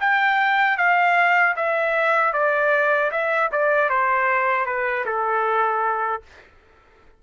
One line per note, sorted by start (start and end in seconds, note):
0.00 0.77 G5
0.77 1.55 F5
1.56 2.33 E5
2.33 3.11 D5
3.11 3.50 E5
3.51 3.89 D5
3.89 4.66 C5
4.66 5.05 B4
5.05 6.22 A4